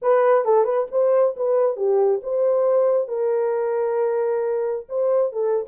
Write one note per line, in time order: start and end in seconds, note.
0.01 0.44 B4
0.44 0.64 A4
0.64 0.86 B4
0.91 1.35 C5
1.36 1.76 B4
1.76 2.21 G4
2.22 3.08 C5
3.08 4.86 A#4
4.88 5.32 C5
5.32 5.65 A4